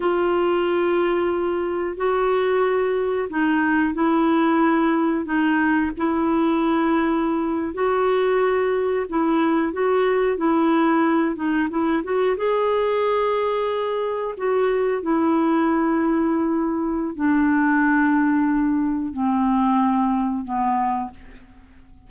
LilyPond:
\new Staff \with { instrumentName = "clarinet" } { \time 4/4 \tempo 4 = 91 f'2. fis'4~ | fis'4 dis'4 e'2 | dis'4 e'2~ e'8. fis'16~ | fis'4.~ fis'16 e'4 fis'4 e'16~ |
e'4~ e'16 dis'8 e'8 fis'8 gis'4~ gis'16~ | gis'4.~ gis'16 fis'4 e'4~ e'16~ | e'2 d'2~ | d'4 c'2 b4 | }